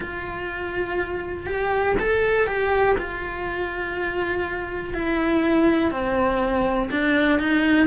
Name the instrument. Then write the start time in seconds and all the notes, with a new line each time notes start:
cello
0.00 F4
1.46 G4
1.99 A4
2.46 G4
2.98 F4
4.94 E4
5.91 C4
6.90 D4
7.39 D#4